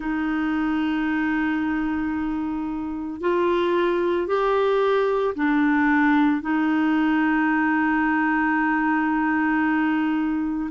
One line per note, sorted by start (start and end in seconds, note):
0.00 3.20 D#4
3.20 4.27 F4
4.27 5.34 G4
5.35 6.41 D4
6.41 10.69 D#4